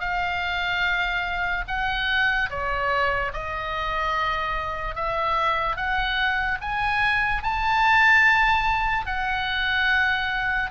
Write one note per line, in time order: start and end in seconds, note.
0.00 1.64 F5
1.67 2.50 F#5
2.50 3.32 C#5
3.33 4.95 D#5
4.95 5.76 E5
5.76 6.58 F#5
6.61 7.43 G#5
7.43 9.06 A5
9.06 10.70 F#5